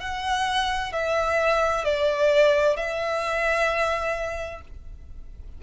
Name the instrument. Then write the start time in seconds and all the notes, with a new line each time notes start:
violin
0.00 F#5
0.92 E5
1.84 D5
2.76 E5